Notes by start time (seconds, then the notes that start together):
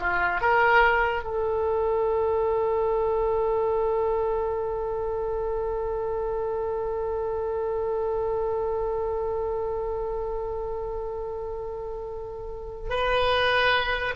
0.00 F4
0.41 A#4
1.24 A4
12.90 B4